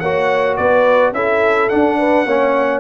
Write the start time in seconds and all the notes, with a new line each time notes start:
0.00 A#3 F#4 C#5 F#5
0.57 B3 B4 D5
1.12 C#4 E4 A4 E5
1.69 D4 F#5
1.99 B4
2.26 A#3 C#4 C#5